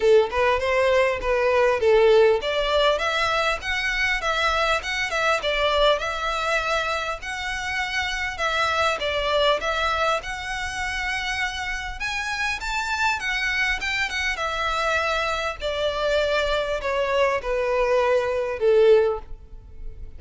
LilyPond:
\new Staff \with { instrumentName = "violin" } { \time 4/4 \tempo 4 = 100 a'8 b'8 c''4 b'4 a'4 | d''4 e''4 fis''4 e''4 | fis''8 e''8 d''4 e''2 | fis''2 e''4 d''4 |
e''4 fis''2. | gis''4 a''4 fis''4 g''8 fis''8 | e''2 d''2 | cis''4 b'2 a'4 | }